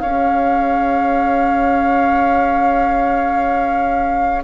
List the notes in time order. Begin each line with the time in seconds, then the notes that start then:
0.00 C#4 G#4 C#5 F5